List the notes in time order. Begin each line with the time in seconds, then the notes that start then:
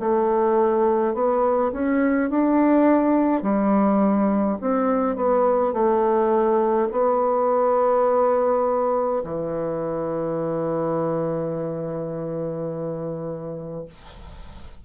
0.00 A3
1.14 B3
1.73 C#4
2.30 D4
3.42 G3
4.61 C4
5.17 B3
5.73 A3
6.92 B3
9.24 E3